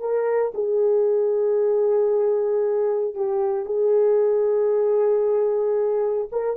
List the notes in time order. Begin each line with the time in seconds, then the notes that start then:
0.00 A#4
0.55 G#4
3.15 G4
3.66 G#4
6.32 A#4